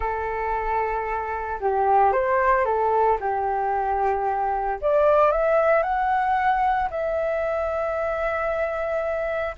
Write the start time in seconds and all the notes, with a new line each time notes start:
0.00 A4
1.60 G4
2.12 C5
2.65 A4
3.20 G4
4.81 D5
5.31 E5
5.83 F#5
6.90 E5